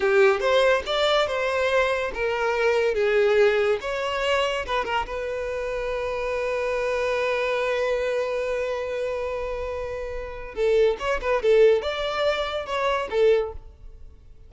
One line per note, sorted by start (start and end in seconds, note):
0.00 0.40 G4
0.40 0.82 C5
0.86 1.27 D5
1.27 2.11 C5
2.14 2.94 A#4
2.94 3.78 G#4
3.80 4.65 C#5
4.65 4.84 B4
4.84 5.06 A#4
5.06 10.54 B4
10.54 10.96 A4
10.99 11.20 C#5
11.21 11.42 B4
11.42 11.82 A4
11.82 12.65 D5
12.65 13.08 C#5
13.10 13.52 A4